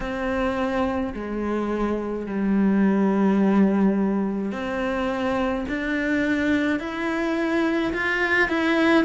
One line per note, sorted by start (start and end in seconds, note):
0.00 1.13 C4
1.13 2.26 G#3
2.26 4.51 G3
4.51 5.64 C4
5.68 6.79 D4
6.79 7.92 E4
7.93 8.49 F4
8.49 9.04 E4